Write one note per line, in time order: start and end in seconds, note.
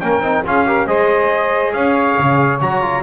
0.00 0.19 A#3
0.00 0.22 C#4
0.00 0.45 A#4
0.00 0.43 G5
0.19 0.41 C4
0.19 0.44 D#4
0.44 0.87 C#4
0.44 0.66 F4
0.44 0.66 G#4
0.44 0.87 F5
0.66 0.87 G4
0.66 0.87 A#4
0.87 1.73 G#3
0.87 2.59 G#4
0.87 1.73 C5
0.87 1.73 D#5
1.73 2.17 C#4
1.73 3.02 C#5
1.73 2.59 F5
2.19 2.62 C#3
2.61 3.02 F#3
2.61 2.81 F#4
2.61 3.02 A#5
2.81 3.02 F4